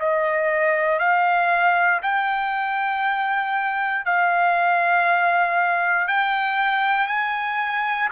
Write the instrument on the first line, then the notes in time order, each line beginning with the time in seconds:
trumpet
0.00 D#5
0.99 F5
2.02 G5
4.05 F5
6.08 G5
7.08 G#5